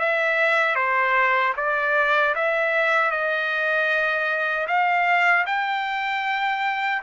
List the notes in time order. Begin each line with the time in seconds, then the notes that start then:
0.00 E5
0.76 C5
1.57 D5
2.35 E5
3.12 D#5
4.68 F5
5.47 G5